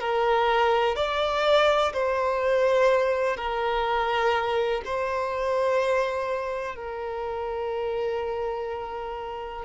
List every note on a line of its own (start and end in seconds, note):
0.00 0.96 A#4
0.96 1.93 D5
1.93 3.37 C5
3.37 4.82 A#4
4.86 6.76 C5
6.76 9.66 A#4